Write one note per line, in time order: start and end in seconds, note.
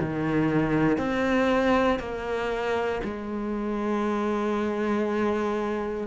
0.00 0.98 D#3
0.98 1.99 C4
1.99 3.01 A#3
3.04 6.07 G#3